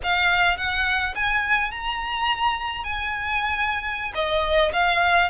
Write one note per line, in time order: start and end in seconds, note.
0.03 0.57 F5
0.57 1.14 F#5
1.15 1.71 G#5
1.71 2.84 A#5
2.84 4.12 G#5
4.15 4.72 D#5
4.72 5.30 F5